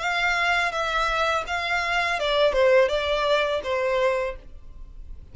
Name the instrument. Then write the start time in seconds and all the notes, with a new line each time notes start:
violin
0.00 F5
0.72 E5
1.48 F5
2.20 D5
2.53 C5
2.89 D5
3.64 C5